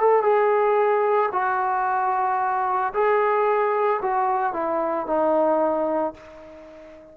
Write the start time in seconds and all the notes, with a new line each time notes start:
0.00 A4
0.22 G#4
1.32 F#4
2.94 G#4
4.02 F#4
4.53 E4
5.06 D#4